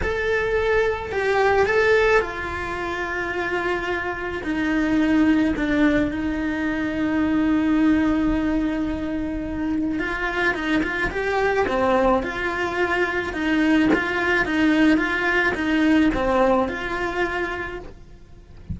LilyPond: \new Staff \with { instrumentName = "cello" } { \time 4/4 \tempo 4 = 108 a'2 g'4 a'4 | f'1 | dis'2 d'4 dis'4~ | dis'1~ |
dis'2 f'4 dis'8 f'8 | g'4 c'4 f'2 | dis'4 f'4 dis'4 f'4 | dis'4 c'4 f'2 | }